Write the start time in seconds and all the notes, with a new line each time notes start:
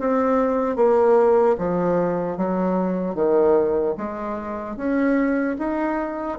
0.00 C4
0.76 A#3
1.59 F3
2.37 F#3
3.15 D#3
3.97 G#3
4.77 C#4
5.59 D#4